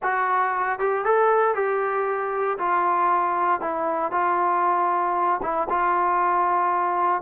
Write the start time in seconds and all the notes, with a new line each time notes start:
0.02 F#4
0.79 G4
1.04 A4
1.54 G4
2.58 F4
3.60 E4
4.11 F4
5.42 E4
5.69 F4